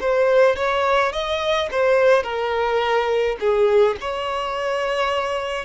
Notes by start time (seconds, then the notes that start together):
0.00 C5
0.56 C#5
1.12 D#5
1.71 C5
2.23 A#4
3.40 G#4
4.01 C#5